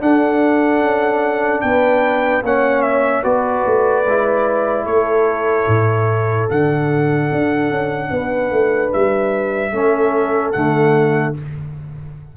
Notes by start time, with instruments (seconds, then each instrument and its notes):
0.00 trombone D4, tuba D4, horn A4, trumpet F#5
0.81 tuba C#4
1.61 tuba B3, horn B4, trumpet G5
2.42 tuba A#3, trombone C#4, horn C#5, trumpet F#5
2.82 trumpet E5
3.23 tuba B3, trombone F#4, horn B4, trumpet D5
3.66 tuba A3
4.06 tuba G#3, trombone E4
4.85 tuba A3, horn A4, trumpet C#5
5.67 tuba A2
6.49 tuba D3, trombone D4, trumpet F#5
7.31 tuba D4
7.70 tuba C#4
8.10 tuba B3, horn B4
8.51 tuba A3
8.93 tuba G3, trumpet E5
9.72 tuba A3, trombone C#4, horn A4
10.52 tuba D3, trombone A3, trumpet F#5